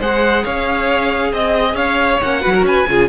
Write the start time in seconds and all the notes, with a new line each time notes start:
0.00 G#3 G#4 C5 F#5
0.44 C#4 C#5 F5
1.33 C4 D#5
1.75 C#4 C#5 F5
2.23 A#3 C#4 F#5
2.41 F#3 F#4 B4
2.55 A#4
2.63 C#4 B4 G#5
2.88 C#3 F4 G#4